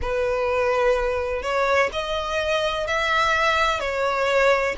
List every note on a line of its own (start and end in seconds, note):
0.01 1.42 B4
1.42 1.90 C#5
1.92 2.87 D#5
2.87 3.80 E5
3.80 4.75 C#5